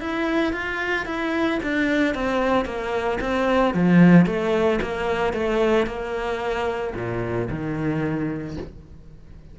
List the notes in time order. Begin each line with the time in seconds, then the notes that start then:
0.00 E4
0.52 F4
1.05 E4
1.62 D4
2.14 C4
2.65 A#3
3.20 C4
3.74 F3
4.26 A3
4.81 A#3
5.33 A3
5.86 A#3
6.94 A#2
7.50 D#3